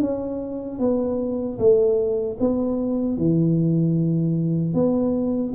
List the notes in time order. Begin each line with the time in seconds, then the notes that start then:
0.00 C#4
0.79 B3
1.58 A3
2.40 B3
3.17 E3
4.74 B3